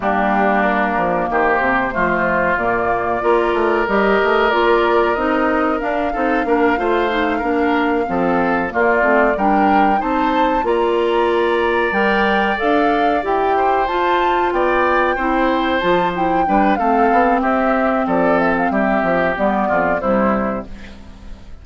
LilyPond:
<<
  \new Staff \with { instrumentName = "flute" } { \time 4/4 \tempo 4 = 93 g'4 ais'4 c''2 | d''2 dis''4 d''4 | dis''4 f''2.~ | f''4. d''4 g''4 a''8~ |
a''8 ais''2 g''4 f''8~ | f''8 g''4 a''4 g''4.~ | g''8 a''8 g''4 f''4 e''4 | d''8 e''16 f''16 e''4 d''4 c''4 | }
  \new Staff \with { instrumentName = "oboe" } { \time 4/4 d'2 g'4 f'4~ | f'4 ais'2.~ | ais'4. a'8 ais'8 c''4 ais'8~ | ais'8 a'4 f'4 ais'4 c''8~ |
c''8 d''2.~ d''8~ | d''4 c''4. d''4 c''8~ | c''4. b'8 a'4 g'4 | a'4 g'4. f'8 e'4 | }
  \new Staff \with { instrumentName = "clarinet" } { \time 4/4 ais2. a4 | ais4 f'4 g'4 f'4 | dis'4 d'8 dis'8 d'8 f'8 dis'8 d'8~ | d'8 c'4 ais8 c'8 d'4 dis'8~ |
dis'8 f'2 ais'4 a'8~ | a'8 g'4 f'2 e'8~ | e'8 f'8 e'8 d'8 c'2~ | c'2 b4 g4 | }
  \new Staff \with { instrumentName = "bassoon" } { \time 4/4 g4. f8 dis8 c8 f4 | ais,4 ais8 a8 g8 a8 ais4 | c'4 d'8 c'8 ais8 a4 ais8~ | ais8 f4 ais8 a8 g4 c'8~ |
c'8 ais2 g4 d'8~ | d'8 e'4 f'4 b4 c'8~ | c'8 f4 g8 a8 b8 c'4 | f4 g8 f8 g8 f,8 c4 | }
>>